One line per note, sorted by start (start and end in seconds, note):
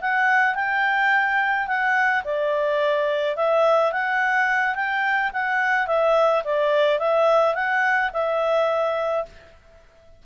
0.00 0.55 F#5
0.55 1.67 G5
1.67 2.23 F#5
2.24 3.36 D5
3.36 3.92 E5
3.92 4.75 F#5
4.75 5.31 G5
5.33 5.87 F#5
5.87 6.43 E5
6.44 6.99 D5
6.99 7.54 E5
7.54 8.10 F#5
8.13 9.25 E5